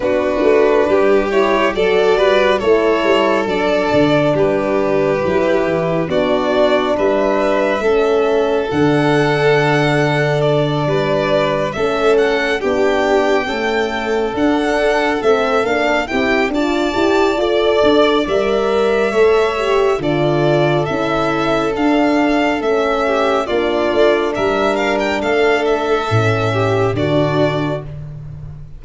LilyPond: <<
  \new Staff \with { instrumentName = "violin" } { \time 4/4 \tempo 4 = 69 b'4. cis''8 d''4 cis''4 | d''4 b'2 d''4 | e''2 fis''2 | d''4. e''8 fis''8 g''4.~ |
g''8 fis''4 e''8 f''8 g''8 a''4 | d''4 e''2 d''4 | e''4 f''4 e''4 d''4 | e''8 f''16 g''16 f''8 e''4. d''4 | }
  \new Staff \with { instrumentName = "violin" } { \time 4/4 fis'4 g'4 a'8 b'8 a'4~ | a'4 g'2 fis'4 | b'4 a'2.~ | a'8 b'4 a'4 g'4 a'8~ |
a'2~ a'8 g'8 d''4~ | d''2 cis''4 a'4~ | a'2~ a'8 g'8 f'4 | ais'4 a'4. g'8 fis'4 | }
  \new Staff \with { instrumentName = "horn" } { \time 4/4 d'4. e'8 fis'4 e'4 | d'2 e'4 d'4~ | d'4 cis'4 d'2~ | d'4. cis'4 d'4 a8~ |
a8 d'4 c'8 d'8 e'8 f'8 g'8 | a'4 ais'4 a'8 g'8 f'4 | e'4 d'4 cis'4 d'4~ | d'2 cis'4 d'4 | }
  \new Staff \with { instrumentName = "tuba" } { \time 4/4 b8 a8 g4 fis8 g8 a8 g8 | fis8 d8 g4 fis8 e8 b4 | g4 a4 d2~ | d8 g4 a4 b4 cis'8~ |
cis'8 d'4 a8 ais8 c'8 d'8 e'8 | f'8 d'8 g4 a4 d4 | cis'4 d'4 a4 ais8 a8 | g4 a4 a,4 d4 | }
>>